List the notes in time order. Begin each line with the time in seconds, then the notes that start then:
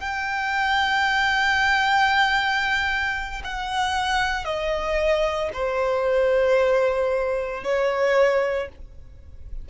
0.00 G5
3.44 F#5
4.45 D#5
5.53 C5
7.64 C#5